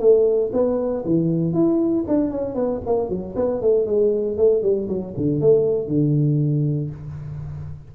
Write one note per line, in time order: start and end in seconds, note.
0.00 0.51 A3
0.53 1.04 B3
1.05 1.54 E3
1.54 2.05 E4
2.08 2.31 D4
2.31 2.55 C#4
2.55 2.81 B3
2.86 3.09 A#3
3.09 3.35 F#3
3.36 3.62 B3
3.62 3.86 A3
3.86 4.37 G#3
4.38 4.62 A3
4.62 4.88 G3
4.89 5.14 F#3
5.17 5.41 D3
5.41 5.88 A3
5.88 6.91 D3